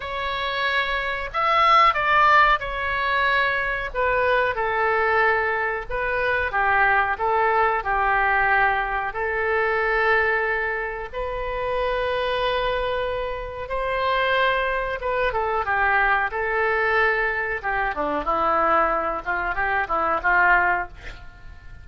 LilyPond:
\new Staff \with { instrumentName = "oboe" } { \time 4/4 \tempo 4 = 92 cis''2 e''4 d''4 | cis''2 b'4 a'4~ | a'4 b'4 g'4 a'4 | g'2 a'2~ |
a'4 b'2.~ | b'4 c''2 b'8 a'8 | g'4 a'2 g'8 d'8 | e'4. f'8 g'8 e'8 f'4 | }